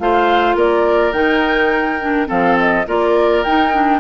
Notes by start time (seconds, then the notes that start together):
0.00 A3 F4 C5 F5
0.56 A#3 A#4 D5
1.13 D#3 D#4 G5
2.01 D4
2.27 F3 C4 A4 F5
2.59 D#5
2.87 A#3 F4 A#4 D5
3.44 D#4 G5
3.73 D4